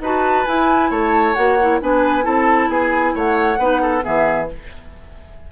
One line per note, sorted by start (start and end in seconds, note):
0.00 0.45 D#4
0.00 0.46 F#4
0.00 0.90 B4
0.00 0.45 A5
0.45 1.35 E4
0.45 0.90 E4
0.45 0.90 G#5
0.90 1.35 A3
0.90 1.80 C#5
0.90 1.34 A5
1.34 1.81 A#3
1.34 1.58 F#4
1.34 1.78 F#5
1.61 1.81 E4
1.81 2.25 B3
1.81 2.22 D4
1.81 2.24 B4
1.81 2.25 G#5
2.22 2.68 C4
2.22 3.57 E4
2.22 2.69 A4
2.22 2.70 A5
2.68 3.13 B3
2.68 3.14 G#4
2.68 3.16 G#5
3.14 3.58 A3
3.14 3.58 C#5
3.14 4.04 F#5
3.58 4.03 B3
3.58 4.02 D#4
3.58 3.81 B4
3.82 4.04 A4
4.02 4.51 E3
4.02 4.46 B3
4.02 4.49 G#4
4.02 4.49 E5